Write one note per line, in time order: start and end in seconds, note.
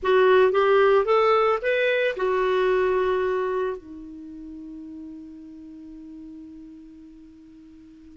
0.02 0.52 F#4
0.52 1.05 G4
1.05 1.58 A4
1.61 2.15 B4
2.16 3.77 F#4
3.77 8.17 D#4